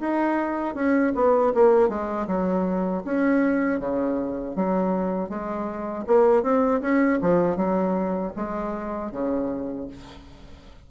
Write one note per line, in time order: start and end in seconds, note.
0.00 0.75 D#4
0.75 1.13 C#4
1.15 1.53 B3
1.55 1.89 A#3
1.89 2.27 G#3
2.28 3.03 F#3
3.05 3.80 C#4
3.80 4.56 C#3
4.56 5.29 F#3
5.29 6.05 G#3
6.07 6.43 A#3
6.43 6.81 C4
6.81 7.19 C#4
7.22 7.57 F3
7.57 8.33 F#3
8.36 9.12 G#3
9.12 9.88 C#3